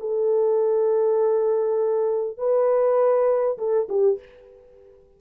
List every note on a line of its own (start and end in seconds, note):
0.00 2.37 A4
2.37 3.57 B4
3.58 3.88 A4
3.89 4.19 G4